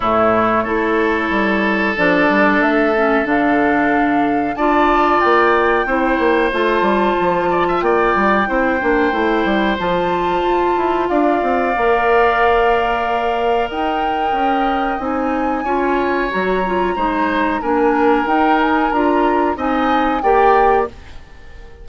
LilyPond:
<<
  \new Staff \with { instrumentName = "flute" } { \time 4/4 \tempo 4 = 92 cis''2. d''4 | e''4 f''2 a''4 | g''2 a''2 | g''2. a''4~ |
a''4 f''2.~ | f''4 g''2 gis''4~ | gis''4 ais''2 gis''4 | g''8 gis''8 ais''4 gis''4 g''4 | }
  \new Staff \with { instrumentName = "oboe" } { \time 4/4 e'4 a'2.~ | a'2. d''4~ | d''4 c''2~ c''8 d''16 e''16 | d''4 c''2.~ |
c''4 d''2.~ | d''4 dis''2. | cis''2 c''4 ais'4~ | ais'2 dis''4 d''4 | }
  \new Staff \with { instrumentName = "clarinet" } { \time 4/4 a4 e'2 d'4~ | d'8 cis'8 d'2 f'4~ | f'4 e'4 f'2~ | f'4 e'8 d'8 e'4 f'4~ |
f'2 ais'2~ | ais'2. dis'4 | f'4 fis'8 f'8 dis'4 d'4 | dis'4 f'4 dis'4 g'4 | }
  \new Staff \with { instrumentName = "bassoon" } { \time 4/4 a,4 a4 g4 f8 g8 | a4 d2 d'4 | ais4 c'8 ais8 a8 g8 f4 | ais8 g8 c'8 ais8 a8 g8 f4 |
f'8 e'8 d'8 c'8 ais2~ | ais4 dis'4 cis'4 c'4 | cis'4 fis4 gis4 ais4 | dis'4 d'4 c'4 ais4 | }
>>